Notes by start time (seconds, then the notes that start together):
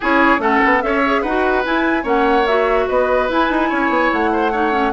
0.00 C#4 E4 G#4 C#5
0.38 A3 C#4 A4 F#5
0.64 B3
0.81 C#4 A4 C#5 E5
1.05 G#4
1.21 D#4 F#4 B4 F#5
1.64 E4 G#5
2.02 A#3 C#4 C#5 F#5
2.46 F#4 E5
2.88 B3 B4 D#5
3.28 E4 G#5
3.50 D#4
3.69 C#4 C#5
3.89 B3
4.12 A3 F#5
4.32 C5
4.51 D#4 C#5
4.71 C#4